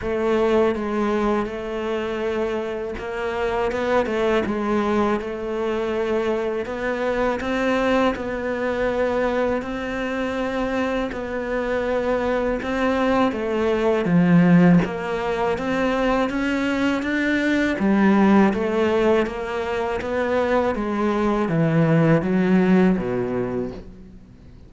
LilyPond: \new Staff \with { instrumentName = "cello" } { \time 4/4 \tempo 4 = 81 a4 gis4 a2 | ais4 b8 a8 gis4 a4~ | a4 b4 c'4 b4~ | b4 c'2 b4~ |
b4 c'4 a4 f4 | ais4 c'4 cis'4 d'4 | g4 a4 ais4 b4 | gis4 e4 fis4 b,4 | }